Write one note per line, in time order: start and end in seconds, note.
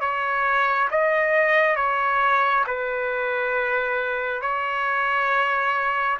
0.00 0.88 C#5
0.91 1.76 D#5
1.76 2.64 C#5
2.66 4.42 B4
4.42 6.18 C#5